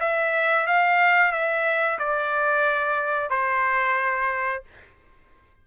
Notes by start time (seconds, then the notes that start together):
0.00 E5
0.67 F5
1.32 E5
1.98 D5
3.30 C5